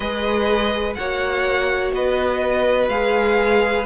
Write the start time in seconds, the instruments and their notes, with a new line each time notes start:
0.00 cello G#3, viola G#4, violin B4 D#5
0.95 cello A#3, viola F#4, violin C#5 F#5
1.92 cello B3, violin B4 D#5
2.88 cello G#3, viola G#4, violin F5